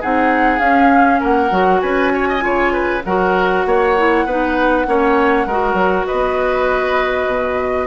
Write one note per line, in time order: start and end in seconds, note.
0.00 0.59 C4
0.00 0.59 D#4
0.00 1.19 G#4
0.00 0.59 F#5
0.59 1.20 C#4
0.59 1.50 C#4
0.59 1.20 F5
1.19 1.51 A#3
1.19 1.80 A#4
1.19 1.80 F#5
1.50 1.81 F#3
1.50 2.39 F#4
1.80 2.43 C#4
1.80 2.12 B4
1.80 3.01 G#5
2.13 2.28 C#5
2.28 2.43 D#5
2.39 3.04 C#3
2.39 3.00 F4
2.39 2.72 C#5
2.72 3.03 B4
3.04 3.65 F#3
3.04 3.97 F#4
3.04 3.66 A#4
3.04 6.06 F#5
3.65 4.25 A#3
3.65 4.25 C#5
3.97 4.27 E4
4.25 4.85 B3
4.25 4.86 D#4
4.25 4.86 B4
4.86 5.46 A#3
4.86 5.47 C#4
4.86 5.46 C#5
5.46 5.73 G#3
5.46 7.87 F#4
5.46 6.07 A#4
5.73 6.03 F#3
6.06 7.26 B3
6.06 7.87 B4
6.06 7.87 D#5
7.26 7.87 B2